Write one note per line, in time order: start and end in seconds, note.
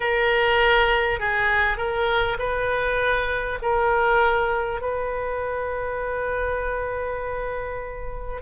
0.00 1.19 A#4
1.19 1.77 G#4
1.77 2.37 A#4
2.38 3.58 B4
3.62 4.81 A#4
4.81 8.41 B4